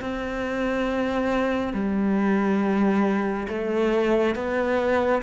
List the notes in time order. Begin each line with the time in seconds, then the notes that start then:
0.00 C4
1.73 G3
3.48 A3
4.35 B3